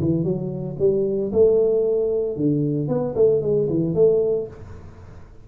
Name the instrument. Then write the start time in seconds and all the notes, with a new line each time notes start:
tuba
0.00 E3
0.24 F#3
0.79 G3
1.33 A3
2.36 D3
2.88 B3
3.15 A3
3.42 G#3
3.69 E3
3.94 A3